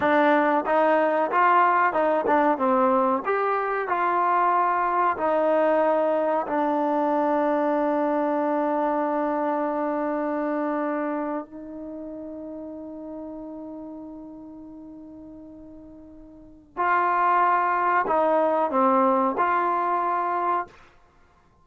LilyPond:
\new Staff \with { instrumentName = "trombone" } { \time 4/4 \tempo 4 = 93 d'4 dis'4 f'4 dis'8 d'8 | c'4 g'4 f'2 | dis'2 d'2~ | d'1~ |
d'4.~ d'16 dis'2~ dis'16~ | dis'1~ | dis'2 f'2 | dis'4 c'4 f'2 | }